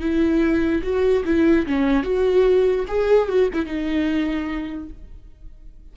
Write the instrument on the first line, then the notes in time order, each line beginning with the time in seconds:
viola
0.00 E4
0.83 F#4
1.25 E4
1.67 C#4
2.04 F#4
2.88 G#4
3.29 F#4
3.53 E4
3.66 D#4